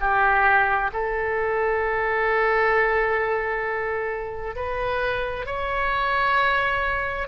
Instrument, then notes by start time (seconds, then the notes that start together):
oboe
0.00 G4
0.93 A4
4.55 B4
5.46 C#5